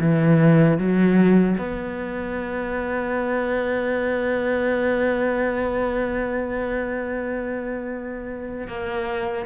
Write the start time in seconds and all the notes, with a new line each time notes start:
0.00 E3
0.78 F#3
1.58 B3
8.68 A#3